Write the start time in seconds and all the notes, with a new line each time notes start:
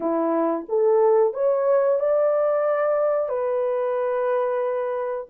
0.00 E4
0.68 A4
1.33 C#5
1.99 D5
3.28 B4